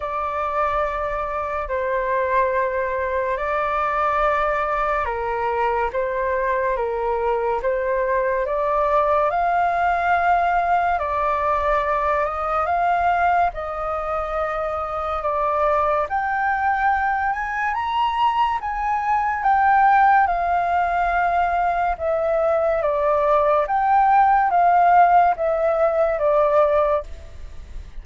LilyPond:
\new Staff \with { instrumentName = "flute" } { \time 4/4 \tempo 4 = 71 d''2 c''2 | d''2 ais'4 c''4 | ais'4 c''4 d''4 f''4~ | f''4 d''4. dis''8 f''4 |
dis''2 d''4 g''4~ | g''8 gis''8 ais''4 gis''4 g''4 | f''2 e''4 d''4 | g''4 f''4 e''4 d''4 | }